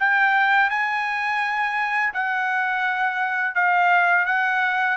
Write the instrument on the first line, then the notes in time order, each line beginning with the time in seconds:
trumpet
0.00 G5
0.71 G#5
2.14 F#5
3.55 F5
4.26 F#5